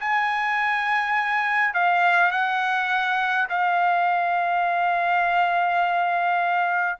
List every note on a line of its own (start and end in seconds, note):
0.00 1.74 G#5
1.74 2.31 F5
2.31 3.48 F#5
3.49 6.99 F5